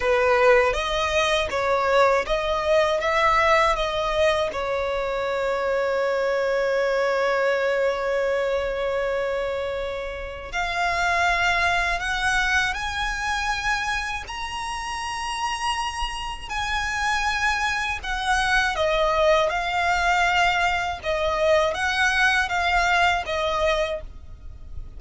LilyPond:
\new Staff \with { instrumentName = "violin" } { \time 4/4 \tempo 4 = 80 b'4 dis''4 cis''4 dis''4 | e''4 dis''4 cis''2~ | cis''1~ | cis''2 f''2 |
fis''4 gis''2 ais''4~ | ais''2 gis''2 | fis''4 dis''4 f''2 | dis''4 fis''4 f''4 dis''4 | }